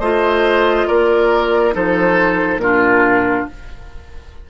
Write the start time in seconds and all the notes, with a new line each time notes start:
0.00 A3 F4 C5 D#5
0.87 A#3 A#4 D5
1.73 F3 D#4 A4 C5
2.57 A#2 F4 A#4
2.64 D4